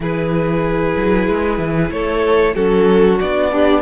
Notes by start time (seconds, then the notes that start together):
0.00 E3 E4 G#4 B4
0.97 F#3
1.28 G#3
1.58 E3
1.90 A3 A4 C#5
2.55 F#3 C#4 F#4 A4
3.20 B3 D4 D5
3.51 D4 G4